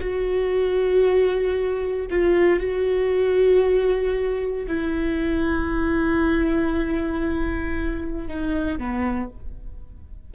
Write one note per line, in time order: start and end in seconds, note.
0.00 2.07 F#4
2.11 2.60 F4
2.60 4.67 F#4
4.67 8.28 E4
8.28 8.79 D#4
8.79 9.31 B3